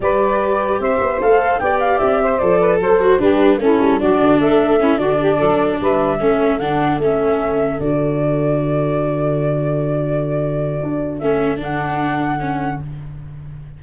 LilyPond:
<<
  \new Staff \with { instrumentName = "flute" } { \time 4/4 \tempo 4 = 150 d''2 e''4 f''4 | g''8 f''8 e''4 d''4 c''4 | b'4 a'4 d''4 e''4~ | e''8 d''2 e''4.~ |
e''8 fis''4 e''2 d''8~ | d''1~ | d''1 | e''4 fis''2. | }
  \new Staff \with { instrumentName = "saxophone" } { \time 4/4 b'2 c''2 | d''4. c''4 b'8 a'4 | g'4 e'4 fis'4 a'4 | e'8 fis'8 g'8 a'4 b'4 a'8~ |
a'1~ | a'1~ | a'1~ | a'1 | }
  \new Staff \with { instrumentName = "viola" } { \time 4/4 g'2. a'4 | g'2 a'4. fis'8 | d'4 cis'4 d'2 | cis'8 d'2. cis'8~ |
cis'8 d'4 cis'2 fis'8~ | fis'1~ | fis'1 | cis'4 d'2 cis'4 | }
  \new Staff \with { instrumentName = "tuba" } { \time 4/4 g2 c'8 b8 a4 | b4 c'4 f4 fis4 | g4 a8 g8 fis8 d8 a4~ | a8 d4 fis4 g4 a8~ |
a8 d4 a2 d8~ | d1~ | d2. d'4 | a4 d2. | }
>>